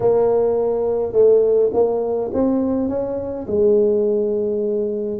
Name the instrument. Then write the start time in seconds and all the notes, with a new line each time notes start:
tuba
0.00 A#3
1.12 A3
1.73 A#3
2.33 C4
2.88 C#4
3.47 G#3